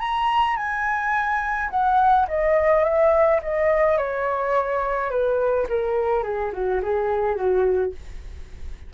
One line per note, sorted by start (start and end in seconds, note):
0.00 0.57 A#5
0.57 1.70 G#5
1.70 2.27 F#5
2.28 2.84 D#5
2.84 3.41 E5
3.43 3.98 D#5
3.98 5.11 C#5
5.11 5.67 B4
5.69 6.24 A#4
6.24 6.52 G#4
6.53 6.82 F#4
6.83 7.36 G#4
7.36 7.92 F#4